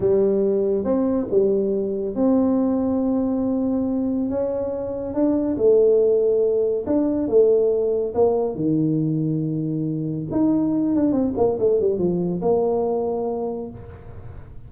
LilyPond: \new Staff \with { instrumentName = "tuba" } { \time 4/4 \tempo 4 = 140 g2 c'4 g4~ | g4 c'2.~ | c'2 cis'2 | d'4 a2. |
d'4 a2 ais4 | dis1 | dis'4. d'8 c'8 ais8 a8 g8 | f4 ais2. | }